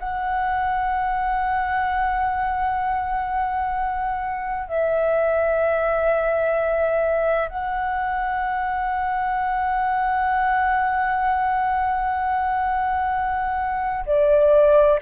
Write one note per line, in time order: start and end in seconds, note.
0.00 4.69 F#5
4.69 7.49 E5
7.49 14.05 F#5
14.06 15.00 D5